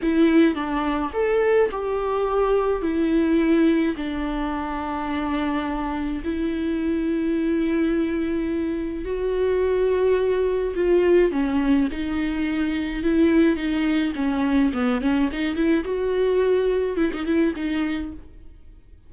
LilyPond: \new Staff \with { instrumentName = "viola" } { \time 4/4 \tempo 4 = 106 e'4 d'4 a'4 g'4~ | g'4 e'2 d'4~ | d'2. e'4~ | e'1 |
fis'2. f'4 | cis'4 dis'2 e'4 | dis'4 cis'4 b8 cis'8 dis'8 e'8 | fis'2 e'16 dis'16 e'8 dis'4 | }